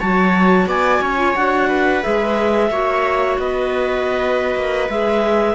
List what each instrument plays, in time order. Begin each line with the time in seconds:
0.00 cello F#3, clarinet F#4 A5, viola C#5
0.67 cello B3, viola D5, clarinet G#5
1.01 cello C#4, viola C#5
1.17 clarinet F4
1.36 cello D4, clarinet F#4 F#5
1.67 viola B4
2.02 cello G#3, clarinet G#4 E5
2.71 cello A#3, clarinet F#4, viola C#5
3.39 cello B3, viola B4, clarinet D#5
4.55 cello A#3
4.89 cello G#3, clarinet G#4 E5